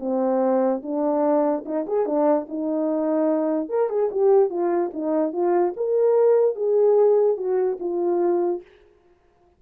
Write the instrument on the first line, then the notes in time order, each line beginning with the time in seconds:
horn
0.00 C4
0.83 D4
1.66 D#4
1.87 G#4
2.06 D4
2.49 D#4
3.69 A#4
3.89 G#4
4.12 G4
4.50 F4
4.94 D#4
5.33 F4
5.77 A#4
6.55 G#4
7.37 F#4
7.80 F4